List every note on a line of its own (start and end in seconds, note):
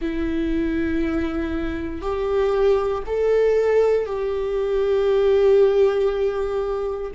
0.01 2.01 E4
2.01 3.03 G4
3.06 4.06 A4
4.06 7.11 G4